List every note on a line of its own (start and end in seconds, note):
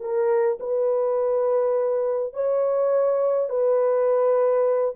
0.00 0.58 A#4
0.60 2.34 B4
2.34 3.49 C#5
3.49 4.95 B4